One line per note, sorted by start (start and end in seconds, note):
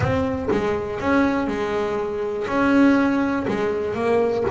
0.00 0.48 C4
0.51 1.00 G#3
1.00 1.47 C#4
1.47 2.46 G#3
2.47 3.46 C#4
3.47 3.94 G#3
3.94 4.44 A#3